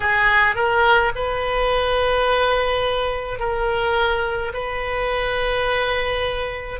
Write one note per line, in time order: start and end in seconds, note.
0.00 0.55 G#4
0.55 1.12 A#4
1.15 3.39 B4
3.39 4.52 A#4
4.53 6.80 B4